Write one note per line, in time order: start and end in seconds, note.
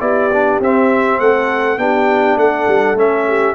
0.00 0.60 B3
0.00 0.30 E4
0.00 1.19 G4
0.00 0.60 D5
0.33 0.62 D4
0.60 1.19 C4
0.60 1.78 C4
0.60 1.20 E5
1.19 1.77 A3
1.19 1.79 A4
1.19 1.78 F#5
1.77 2.36 B3
1.77 2.96 D4
1.77 2.39 G4
1.77 2.38 G5
2.36 2.66 A3
2.36 3.27 A4
2.36 2.98 F#5
2.68 2.94 G3
2.94 3.53 A3
2.94 3.55 C#4
2.94 3.55 E5
3.27 3.55 G4